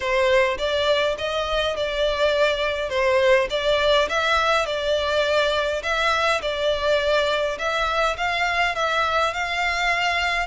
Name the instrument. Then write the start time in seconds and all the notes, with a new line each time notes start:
violin
0.00 C5
0.57 D5
1.18 D#5
1.76 D5
2.89 C5
3.50 D5
4.08 E5
4.65 D5
5.83 E5
6.41 D5
7.58 E5
8.17 F5
8.75 E5
9.33 F5